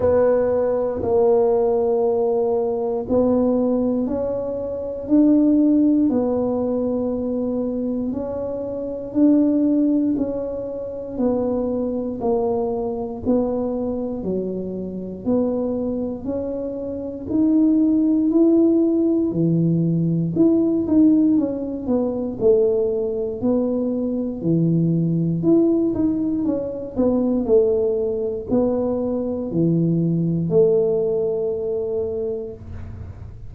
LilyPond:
\new Staff \with { instrumentName = "tuba" } { \time 4/4 \tempo 4 = 59 b4 ais2 b4 | cis'4 d'4 b2 | cis'4 d'4 cis'4 b4 | ais4 b4 fis4 b4 |
cis'4 dis'4 e'4 e4 | e'8 dis'8 cis'8 b8 a4 b4 | e4 e'8 dis'8 cis'8 b8 a4 | b4 e4 a2 | }